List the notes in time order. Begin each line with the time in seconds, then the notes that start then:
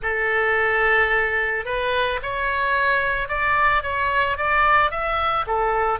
0.02 A4
1.65 B4
2.22 C#5
3.28 D5
3.82 C#5
4.37 D5
4.90 E5
5.46 A4